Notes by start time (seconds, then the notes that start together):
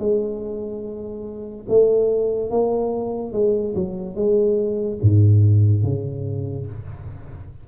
0.00 G#3
1.69 A3
2.51 A#3
3.33 G#3
3.76 F#3
4.16 G#3
5.03 G#2
5.84 C#3